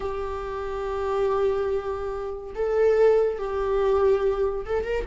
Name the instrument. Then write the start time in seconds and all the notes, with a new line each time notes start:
viola
0.00 G4
2.55 A4
3.38 G4
4.65 A4
4.84 A#4